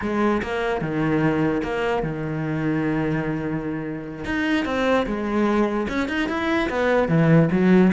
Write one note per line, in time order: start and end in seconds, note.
0.01 0.42 G#3
0.42 0.81 A#3
0.81 1.62 D#3
1.63 2.02 A#3
2.02 4.24 D#3
4.24 4.65 D#4
4.65 5.05 C4
5.06 5.87 G#3
5.88 6.08 C#4
6.08 6.28 D#4
6.28 6.69 E4
6.69 7.08 B3
7.08 7.49 E3
7.51 7.92 F#3